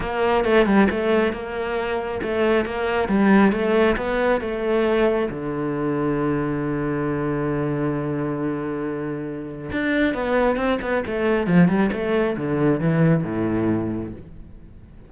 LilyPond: \new Staff \with { instrumentName = "cello" } { \time 4/4 \tempo 4 = 136 ais4 a8 g8 a4 ais4~ | ais4 a4 ais4 g4 | a4 b4 a2 | d1~ |
d1~ | d2 d'4 b4 | c'8 b8 a4 f8 g8 a4 | d4 e4 a,2 | }